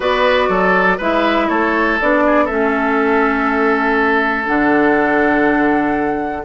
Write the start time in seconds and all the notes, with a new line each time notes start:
0.00 B3 F#4 B4 D5
0.48 F#3 A4
0.97 G#3 E4 B4 E5
1.48 A3 A4 C#5
2.00 B3 D4 D5
2.26 G#4
2.44 A3 C#4 A4 E5
4.45 D3 D4 F#5